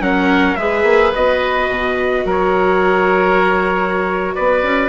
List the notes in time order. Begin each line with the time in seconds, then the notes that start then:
0.00 F#3 C#4 A#4 F#5
0.56 G#3 G#4 B4 E5
0.84 A#3
1.16 B3 F#4 D#5
1.69 B2
2.25 F#3 A#4
2.31 C#5
4.35 B3 B4 D5
4.63 C#4